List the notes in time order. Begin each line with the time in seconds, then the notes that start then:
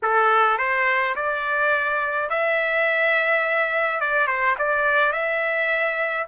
0.02 A4
0.57 C5
1.15 D5
2.29 E5
4.00 D5
4.27 C5
4.58 D5
5.12 E5